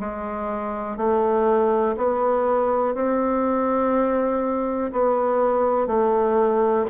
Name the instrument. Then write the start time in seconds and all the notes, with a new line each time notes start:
bassoon
0.00 G#3
0.97 A3
1.98 B3
2.95 C4
4.93 B3
5.87 A3